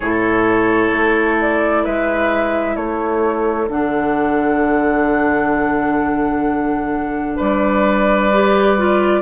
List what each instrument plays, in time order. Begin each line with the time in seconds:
0.00 bassoon A2, clarinet E4, oboe A4, flute C#5
0.92 bassoon A3
1.41 flute D5
1.83 bassoon G#3, oboe B4, flute E5
2.76 bassoon A3, oboe A4, flute C#5
3.68 bassoon D3, clarinet D4, flute F#5
7.36 bassoon G3, oboe B4, flute D5
8.32 clarinet G4
8.77 clarinet F4